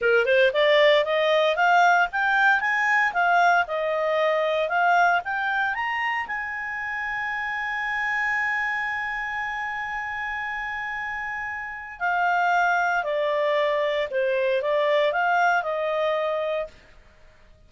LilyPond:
\new Staff \with { instrumentName = "clarinet" } { \time 4/4 \tempo 4 = 115 ais'8 c''8 d''4 dis''4 f''4 | g''4 gis''4 f''4 dis''4~ | dis''4 f''4 g''4 ais''4 | gis''1~ |
gis''1~ | gis''2. f''4~ | f''4 d''2 c''4 | d''4 f''4 dis''2 | }